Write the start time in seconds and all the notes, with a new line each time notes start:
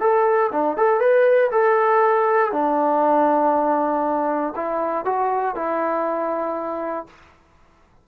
0.00 A4
0.52 D4
0.77 A4
1.00 B4
1.51 A4
2.52 D4
4.56 E4
5.05 F#4
5.56 E4